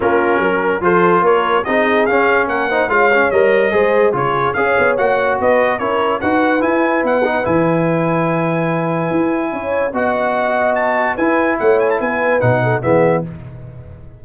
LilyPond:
<<
  \new Staff \with { instrumentName = "trumpet" } { \time 4/4 \tempo 4 = 145 ais'2 c''4 cis''4 | dis''4 f''4 fis''4 f''4 | dis''2 cis''4 f''4 | fis''4 dis''4 cis''4 fis''4 |
gis''4 fis''4 gis''2~ | gis''1 | fis''2 a''4 gis''4 | fis''8 gis''16 a''16 gis''4 fis''4 e''4 | }
  \new Staff \with { instrumentName = "horn" } { \time 4/4 f'4 ais'4 a'4 ais'4 | gis'2 ais'8 c''8 cis''4~ | cis''4 c''4 gis'4 cis''4~ | cis''4 b'4 ais'4 b'4~ |
b'1~ | b'2. cis''4 | dis''2. b'4 | cis''4 b'4. a'8 gis'4 | }
  \new Staff \with { instrumentName = "trombone" } { \time 4/4 cis'2 f'2 | dis'4 cis'4. dis'8 f'8 cis'8 | ais'4 gis'4 f'4 gis'4 | fis'2 e'4 fis'4 |
e'4. dis'8 e'2~ | e'1 | fis'2. e'4~ | e'2 dis'4 b4 | }
  \new Staff \with { instrumentName = "tuba" } { \time 4/4 ais4 fis4 f4 ais4 | c'4 cis'4 ais4 gis4 | g4 gis4 cis4 cis'8 b8 | ais4 b4 cis'4 dis'4 |
e'4 b4 e2~ | e2 e'4 cis'4 | b2. e'4 | a4 b4 b,4 e4 | }
>>